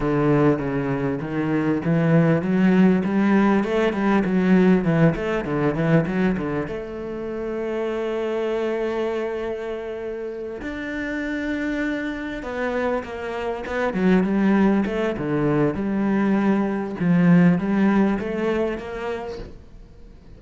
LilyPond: \new Staff \with { instrumentName = "cello" } { \time 4/4 \tempo 4 = 99 d4 cis4 dis4 e4 | fis4 g4 a8 g8 fis4 | e8 a8 d8 e8 fis8 d8 a4~ | a1~ |
a4. d'2~ d'8~ | d'8 b4 ais4 b8 fis8 g8~ | g8 a8 d4 g2 | f4 g4 a4 ais4 | }